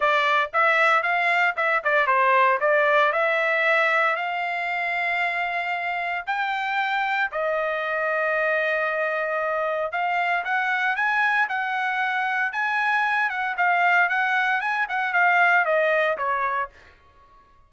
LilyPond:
\new Staff \with { instrumentName = "trumpet" } { \time 4/4 \tempo 4 = 115 d''4 e''4 f''4 e''8 d''8 | c''4 d''4 e''2 | f''1 | g''2 dis''2~ |
dis''2. f''4 | fis''4 gis''4 fis''2 | gis''4. fis''8 f''4 fis''4 | gis''8 fis''8 f''4 dis''4 cis''4 | }